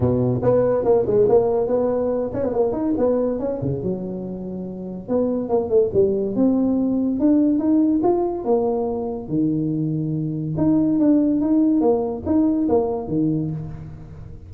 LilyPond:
\new Staff \with { instrumentName = "tuba" } { \time 4/4 \tempo 4 = 142 b,4 b4 ais8 gis8 ais4 | b4. cis'16 b16 ais8 dis'8 b4 | cis'8 cis8 fis2. | b4 ais8 a8 g4 c'4~ |
c'4 d'4 dis'4 f'4 | ais2 dis2~ | dis4 dis'4 d'4 dis'4 | ais4 dis'4 ais4 dis4 | }